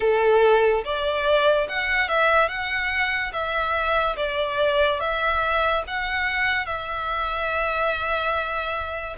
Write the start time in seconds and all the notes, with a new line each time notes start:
0.00 A4
0.84 D5
1.68 F#5
2.08 E5
2.48 F#5
3.33 E5
4.16 D5
5.00 E5
5.87 F#5
6.66 E5